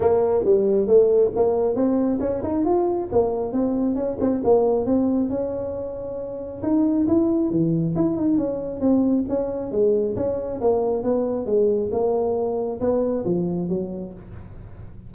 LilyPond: \new Staff \with { instrumentName = "tuba" } { \time 4/4 \tempo 4 = 136 ais4 g4 a4 ais4 | c'4 cis'8 dis'8 f'4 ais4 | c'4 cis'8 c'8 ais4 c'4 | cis'2. dis'4 |
e'4 e4 e'8 dis'8 cis'4 | c'4 cis'4 gis4 cis'4 | ais4 b4 gis4 ais4~ | ais4 b4 f4 fis4 | }